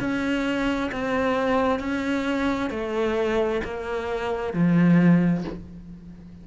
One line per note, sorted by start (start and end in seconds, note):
0.00 0.91 C#4
0.92 1.79 C4
1.79 2.70 C#4
2.70 3.61 A3
3.64 4.53 A#3
4.53 5.44 F3